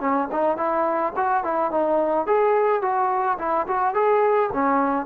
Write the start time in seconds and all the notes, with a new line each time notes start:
0.00 C#4
0.31 D#4
0.57 E4
1.16 F#4
1.43 E4
1.71 D#4
2.26 G#4
2.81 F#4
3.38 E4
3.67 F#4
3.94 G#4
4.52 C#4